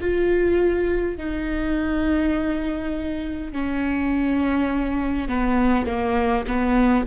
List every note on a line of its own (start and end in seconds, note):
0.00 1.17 F4
1.17 3.52 D#4
3.52 5.28 C#4
5.28 5.86 B3
5.86 6.45 A#3
6.47 7.06 B3